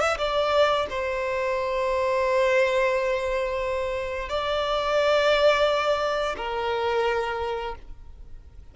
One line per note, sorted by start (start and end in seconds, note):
0.00 0.17 E5
0.18 0.87 D5
0.90 4.29 C5
4.29 6.36 D5
6.37 7.75 A#4